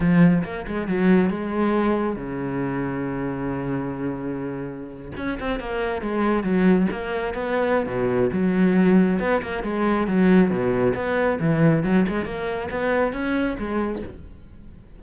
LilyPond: \new Staff \with { instrumentName = "cello" } { \time 4/4 \tempo 4 = 137 f4 ais8 gis8 fis4 gis4~ | gis4 cis2.~ | cis2.~ cis8. cis'16~ | cis'16 c'8 ais4 gis4 fis4 ais16~ |
ais8. b4~ b16 b,4 fis4~ | fis4 b8 ais8 gis4 fis4 | b,4 b4 e4 fis8 gis8 | ais4 b4 cis'4 gis4 | }